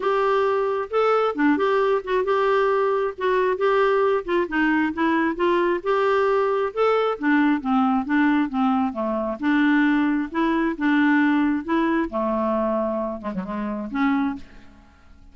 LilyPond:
\new Staff \with { instrumentName = "clarinet" } { \time 4/4 \tempo 4 = 134 g'2 a'4 d'8 g'8~ | g'8 fis'8 g'2 fis'4 | g'4. f'8 dis'4 e'4 | f'4 g'2 a'4 |
d'4 c'4 d'4 c'4 | a4 d'2 e'4 | d'2 e'4 a4~ | a4. gis16 fis16 gis4 cis'4 | }